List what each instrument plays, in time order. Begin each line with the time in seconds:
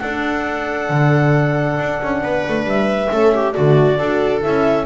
0.00 horn D4, double bass D4, viola A4, clarinet F#5
0.90 double bass D3
1.79 double bass D4
2.03 double bass C#4
2.22 double bass B3, viola B4
2.48 double bass A3
2.64 double bass G3, clarinet E5
3.11 double bass A3, horn C#4, viola A4
3.34 viola G4
3.53 double bass D3, horn A3, viola F#4, clarinet D5
3.99 double bass D4, horn F#4, viola A4
4.42 double bass C#4, horn E4, clarinet E5